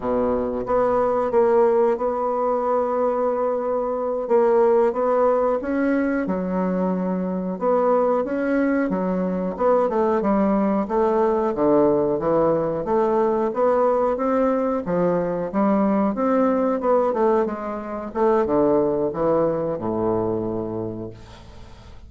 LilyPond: \new Staff \with { instrumentName = "bassoon" } { \time 4/4 \tempo 4 = 91 b,4 b4 ais4 b4~ | b2~ b8 ais4 b8~ | b8 cis'4 fis2 b8~ | b8 cis'4 fis4 b8 a8 g8~ |
g8 a4 d4 e4 a8~ | a8 b4 c'4 f4 g8~ | g8 c'4 b8 a8 gis4 a8 | d4 e4 a,2 | }